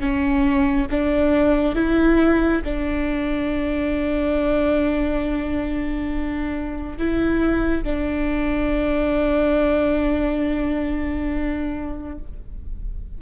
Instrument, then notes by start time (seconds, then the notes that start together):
viola
0.00 C#4
0.91 D4
1.75 E4
2.64 D4
6.98 E4
7.84 D4